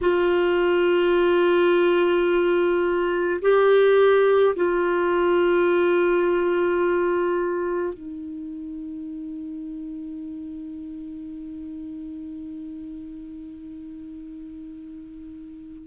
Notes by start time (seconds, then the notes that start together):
0.01 F4
3.41 G4
4.55 F4
7.93 D#4